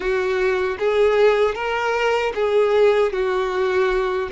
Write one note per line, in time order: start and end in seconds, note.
0.00 0.77 F#4
0.78 1.54 G#4
1.54 2.32 A#4
2.34 3.12 G#4
3.12 4.29 F#4